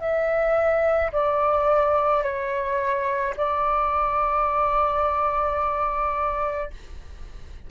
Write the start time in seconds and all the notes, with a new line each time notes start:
0.00 E5
1.13 D5
2.23 C#5
3.37 D5